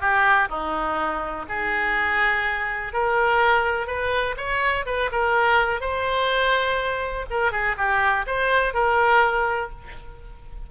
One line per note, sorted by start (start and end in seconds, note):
0.00 0.48 G4
0.49 1.46 D#4
1.48 2.93 G#4
2.93 3.87 A#4
3.87 4.35 B4
4.37 4.85 C#5
4.86 5.10 B4
5.12 5.80 A#4
5.80 7.26 C5
7.30 7.52 A#4
7.52 7.76 G#4
7.77 8.26 G4
8.26 8.73 C5
8.73 9.70 A#4